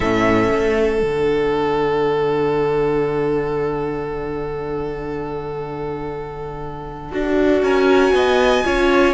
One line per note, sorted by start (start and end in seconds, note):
0.00 0.49 A2
0.00 1.01 C#4
0.00 7.62 A4
0.00 1.02 E5
0.51 1.02 A3
1.01 7.12 D3
1.01 7.11 D4
1.01 7.63 F#5
7.12 7.62 D4
7.12 8.64 F#4
7.62 8.12 C#4
7.62 8.13 A#4
7.62 9.14 G#5
8.12 8.63 B3
8.12 8.65 D#5
8.64 9.14 C#4
8.64 9.14 F4
8.64 9.14 C#5